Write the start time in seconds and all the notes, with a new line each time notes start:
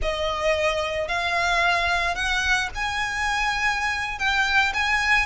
0.02 D#5
1.08 F5
2.15 F#5
2.74 G#5
4.18 G5
4.73 G#5